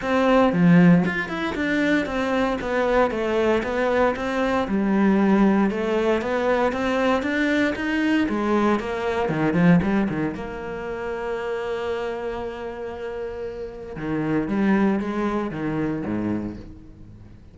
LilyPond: \new Staff \with { instrumentName = "cello" } { \time 4/4 \tempo 4 = 116 c'4 f4 f'8 e'8 d'4 | c'4 b4 a4 b4 | c'4 g2 a4 | b4 c'4 d'4 dis'4 |
gis4 ais4 dis8 f8 g8 dis8 | ais1~ | ais2. dis4 | g4 gis4 dis4 gis,4 | }